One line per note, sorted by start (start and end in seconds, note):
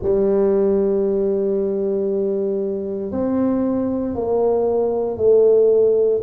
0.02 3.11 G3
3.11 4.14 C4
4.14 5.17 A#3
5.17 6.20 A3